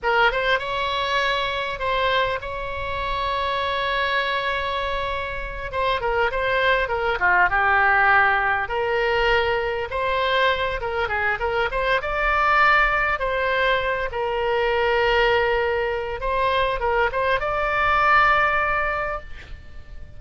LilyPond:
\new Staff \with { instrumentName = "oboe" } { \time 4/4 \tempo 4 = 100 ais'8 c''8 cis''2 c''4 | cis''1~ | cis''4. c''8 ais'8 c''4 ais'8 | f'8 g'2 ais'4.~ |
ais'8 c''4. ais'8 gis'8 ais'8 c''8 | d''2 c''4. ais'8~ | ais'2. c''4 | ais'8 c''8 d''2. | }